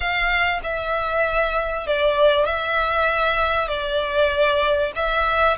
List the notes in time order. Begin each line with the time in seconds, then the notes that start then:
0.00 F5
0.63 E5
1.86 D5
2.45 E5
3.68 D5
4.95 E5